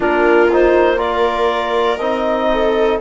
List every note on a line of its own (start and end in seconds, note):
0.00 1.98 A#3
0.00 0.48 D4
0.00 0.97 F4
0.00 0.51 A#4
0.52 0.97 D#4
0.52 0.98 C5
0.97 1.97 F4
0.97 2.47 A#4
0.97 1.97 D5
1.97 2.98 C4
1.97 3.01 D#4
1.97 2.98 D#5
2.52 3.01 A4